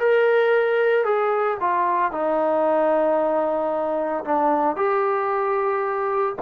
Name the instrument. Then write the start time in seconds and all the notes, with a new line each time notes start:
trombone
0.00 A#4
1.05 G#4
1.60 F4
2.12 D#4
4.25 D4
4.76 G4